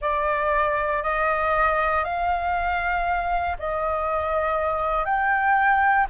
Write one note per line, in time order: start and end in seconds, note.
0.01 1.02 D5
1.02 2.04 D#5
2.04 3.56 F5
3.58 5.05 D#5
5.05 6.06 G5